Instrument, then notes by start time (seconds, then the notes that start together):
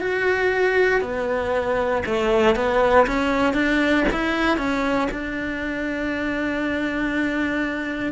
cello
0.00 F#4
1.01 B3
2.06 A3
2.56 B3
3.06 C#4
3.54 D4
4.12 E4
4.58 C#4
5.11 D4